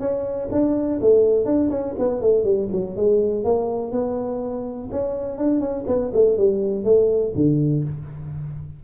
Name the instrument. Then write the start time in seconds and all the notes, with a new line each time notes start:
tuba
0.00 C#4
0.52 D4
1.01 A3
1.46 D4
1.71 C#4
1.99 B3
2.21 A3
2.45 G3
2.72 F#3
2.96 G#3
3.45 A#3
3.92 B3
4.92 C#4
5.38 D4
5.60 C#4
5.87 B3
6.14 A3
6.38 G3
6.84 A3
7.35 D3